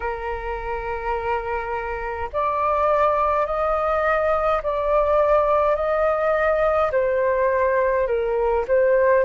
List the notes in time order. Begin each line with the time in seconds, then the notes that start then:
0.00 A#4
2.32 D5
3.46 D#5
4.63 D5
5.75 D#5
6.91 C5
8.07 A#4
8.67 C5